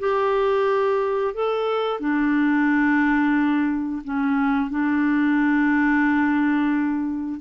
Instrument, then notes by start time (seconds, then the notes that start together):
clarinet
0.00 G4
1.35 A4
2.00 D4
4.05 C#4
4.71 D4